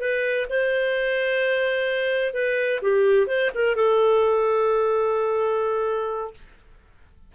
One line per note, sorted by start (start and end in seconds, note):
0.00 0.47 B4
0.49 2.34 C5
2.34 2.81 B4
2.82 3.27 G4
3.27 3.50 C5
3.55 3.76 A#4
3.76 6.33 A4